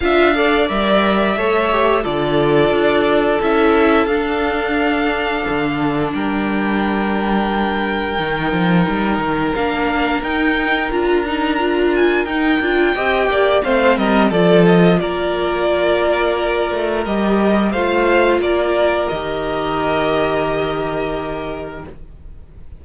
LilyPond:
<<
  \new Staff \with { instrumentName = "violin" } { \time 4/4 \tempo 4 = 88 f''4 e''2 d''4~ | d''4 e''4 f''2~ | f''4 g''2.~ | g''2 f''4 g''4 |
ais''4. gis''8 g''2 | f''8 dis''8 d''8 dis''8 d''2~ | d''4 dis''4 f''4 d''4 | dis''1 | }
  \new Staff \with { instrumentName = "violin" } { \time 4/4 e''8 d''4. cis''4 a'4~ | a'1~ | a'4 ais'2.~ | ais'1~ |
ais'2. dis''8 d''8 | c''8 ais'8 a'4 ais'2~ | ais'2 c''4 ais'4~ | ais'1 | }
  \new Staff \with { instrumentName = "viola" } { \time 4/4 f'8 a'8 ais'4 a'8 g'8 f'4~ | f'4 e'4 d'2~ | d'1 | dis'2 d'4 dis'4 |
f'8 dis'8 f'4 dis'8 f'8 g'4 | c'4 f'2.~ | f'4 g'4 f'2 | g'1 | }
  \new Staff \with { instrumentName = "cello" } { \time 4/4 d'4 g4 a4 d4 | d'4 cis'4 d'2 | d4 g2. | dis8 f8 g8 dis8 ais4 dis'4 |
d'2 dis'8 d'8 c'8 ais8 | a8 g8 f4 ais2~ | ais8 a8 g4 a4 ais4 | dis1 | }
>>